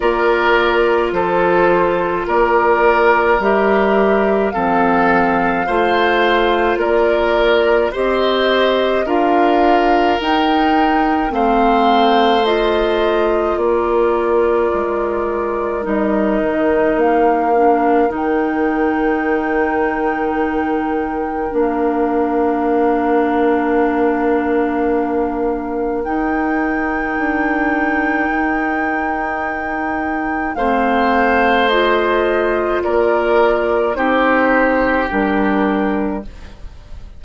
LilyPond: <<
  \new Staff \with { instrumentName = "flute" } { \time 4/4 \tempo 4 = 53 d''4 c''4 d''4 e''4 | f''2 d''4 dis''4 | f''4 g''4 f''4 dis''4 | d''2 dis''4 f''4 |
g''2. f''4~ | f''2. g''4~ | g''2. f''4 | dis''4 d''4 c''4 ais'4 | }
  \new Staff \with { instrumentName = "oboe" } { \time 4/4 ais'4 a'4 ais'2 | a'4 c''4 ais'4 c''4 | ais'2 c''2 | ais'1~ |
ais'1~ | ais'1~ | ais'2. c''4~ | c''4 ais'4 g'2 | }
  \new Staff \with { instrumentName = "clarinet" } { \time 4/4 f'2. g'4 | c'4 f'2 g'4 | f'4 dis'4 c'4 f'4~ | f'2 dis'4. d'8 |
dis'2. d'4~ | d'2. dis'4~ | dis'2. c'4 | f'2 dis'4 d'4 | }
  \new Staff \with { instrumentName = "bassoon" } { \time 4/4 ais4 f4 ais4 g4 | f4 a4 ais4 c'4 | d'4 dis'4 a2 | ais4 gis4 g8 dis8 ais4 |
dis2. ais4~ | ais2. dis'4 | d'4 dis'2 a4~ | a4 ais4 c'4 g4 | }
>>